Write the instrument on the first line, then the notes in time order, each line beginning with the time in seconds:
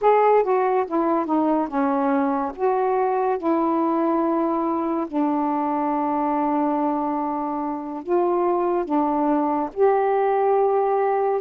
saxophone
0.01 G#4
0.43 F#4
0.87 E4
1.25 D#4
1.67 C#4
2.55 F#4
3.38 E4
5.07 D4
8.03 F4
8.85 D4
9.73 G4